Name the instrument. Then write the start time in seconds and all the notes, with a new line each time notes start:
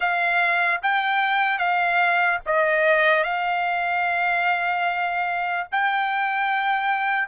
trumpet
0.00 F5
0.82 G5
1.58 F5
2.45 D#5
3.23 F5
5.71 G5